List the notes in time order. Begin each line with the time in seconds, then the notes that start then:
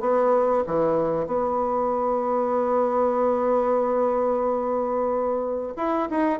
0.00 B3
0.67 E3
1.27 B3
5.77 E4
6.10 D#4